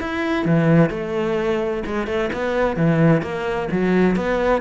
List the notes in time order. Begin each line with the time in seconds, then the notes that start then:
0.00 E4
0.45 E3
0.90 A3
1.86 G#3
2.06 A3
2.32 B3
2.76 E3
3.22 A#3
3.71 F#3
4.16 B3